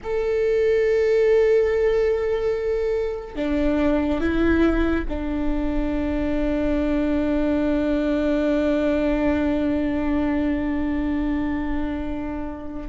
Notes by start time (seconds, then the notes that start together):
0.03 A4
3.35 D4
4.20 E4
5.09 D4